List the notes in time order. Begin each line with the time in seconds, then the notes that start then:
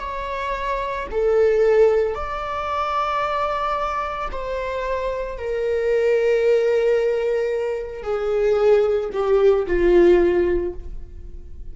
0.00 C#5
1.12 A4
2.15 D5
4.32 C5
5.38 A#4
8.03 G#4
9.13 G4
9.67 F4